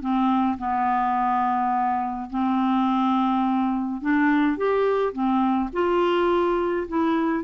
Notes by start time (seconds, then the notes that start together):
0.00 C4
0.58 B3
2.30 C4
4.01 D4
4.57 G4
5.12 C4
5.73 F4
6.88 E4